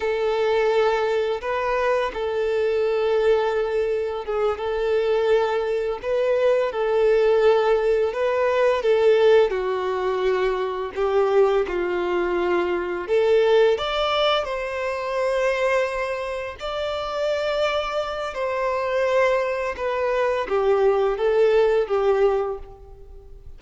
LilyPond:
\new Staff \with { instrumentName = "violin" } { \time 4/4 \tempo 4 = 85 a'2 b'4 a'4~ | a'2 gis'8 a'4.~ | a'8 b'4 a'2 b'8~ | b'8 a'4 fis'2 g'8~ |
g'8 f'2 a'4 d''8~ | d''8 c''2. d''8~ | d''2 c''2 | b'4 g'4 a'4 g'4 | }